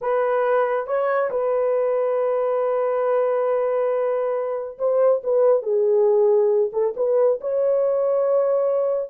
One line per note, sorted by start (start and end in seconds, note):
0.01 0.86 B4
0.86 1.30 C#5
1.30 4.78 B4
4.78 5.22 C5
5.23 5.62 B4
5.62 6.71 G#4
6.72 6.94 A4
6.96 7.40 B4
7.40 9.09 C#5